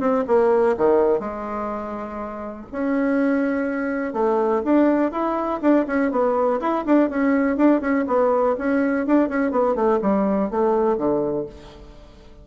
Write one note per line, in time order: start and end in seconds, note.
0.00 0.25 C4
0.27 0.76 A#3
0.77 1.20 D#3
1.20 2.66 G#3
2.72 4.14 C#4
4.14 4.62 A3
4.65 5.12 D4
5.12 5.61 E4
5.62 5.86 D4
5.87 6.11 C#4
6.11 6.60 B3
6.61 6.85 E4
6.86 7.10 D4
7.10 7.57 C#4
7.57 7.81 D4
7.81 8.05 C#4
8.08 8.56 B3
8.59 9.07 C#4
9.07 9.29 D4
9.29 9.51 C#4
9.51 9.75 B3
9.75 10.00 A3
10.02 10.51 G3
10.51 10.98 A3
10.98 11.47 D3